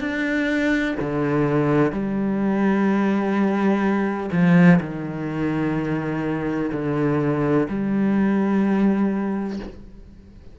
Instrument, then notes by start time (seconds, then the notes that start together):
cello
0.00 D4
1.00 D3
1.92 G3
4.32 F3
4.80 D#3
6.72 D3
7.68 G3